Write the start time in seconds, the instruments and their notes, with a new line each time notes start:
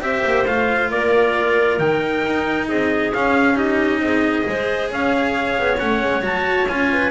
0.00 double bass C4, cello G4, clarinet C5, trumpet E5
0.26 double bass A#3
0.47 double bass A3, cello F4, trumpet F5
0.91 double bass A#3, clarinet A#4, trumpet D5
1.79 double bass D#3, cello D#4, trumpet G5
2.27 double bass D#4
2.68 double bass C4, clarinet G#4, trumpet D#5
3.14 double bass C#4, cello C#4, trumpet F5
3.55 cello D#4, clarinet G4, trumpet D#5
4.00 double bass C4, clarinet G#4
4.43 double bass G#3, cello G#4
4.50 clarinet C5
4.91 double bass C#4, clarinet C#5, trumpet F5
5.59 double bass B3
5.79 double bass A3, cello C#4, trumpet F#5
6.03 double bass G#3
6.22 double bass F#3, cello F#4, trumpet A5
6.68 double bass C#4, cello F4, trumpet G#5
6.93 clarinet B4